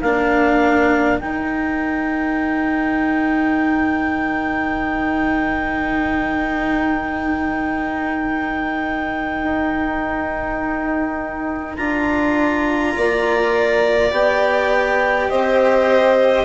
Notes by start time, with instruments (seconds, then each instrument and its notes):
0.00 bassoon A#3, cello D4, violin A#4, clarinet F5
1.19 bassoon D#3, cello D#4, clarinet G5
9.44 bassoon D#4
11.77 bassoon D4, cello F4, clarinet A#5
12.97 bassoon A#3, violin D5
14.11 bassoon B3, cello G4, clarinet G5
15.30 bassoon C4, violin C5, clarinet D#5